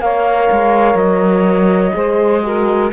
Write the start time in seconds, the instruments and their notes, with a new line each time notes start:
0.00 cello A#3, horn A#4, saxophone C#5, flute F5
0.52 cello G#3
0.95 cello F#3, flute D#5
1.93 cello G#3, horn G#4, saxophone C5
2.43 horn F#4, saxophone A#4